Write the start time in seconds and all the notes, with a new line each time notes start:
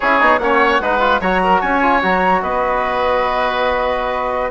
0.00 C#4 E4 G#4 C#5
0.20 B3 D#4
0.38 A#3 C#4 C#5 F#5
0.80 G#3 D#4 B4
1.00 F4
1.20 F#3 F#4 C#5 A#5
1.43 A#4
1.60 C#4 C#5 G#5
1.82 F4
2.02 F#3 F#4 A#5
2.41 B3 B4 D#5